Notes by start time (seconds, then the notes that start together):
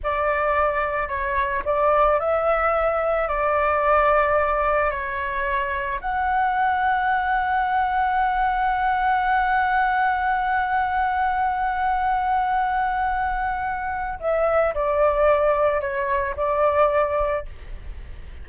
0.03 D5
1.08 C#5
1.65 D5
2.19 E5
3.28 D5
4.90 C#5
6.00 F#5
14.19 E5
14.74 D5
15.81 C#5
16.36 D5